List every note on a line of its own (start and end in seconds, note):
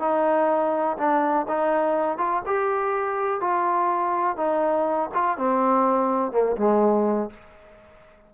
0.00 0.97 D#4
0.98 1.47 D4
1.49 2.18 D#4
2.18 2.43 F4
2.47 3.41 G4
3.41 4.37 F4
4.37 5.10 D#4
5.15 5.38 F4
5.38 6.32 C4
6.32 6.57 A#3
6.57 7.31 G#3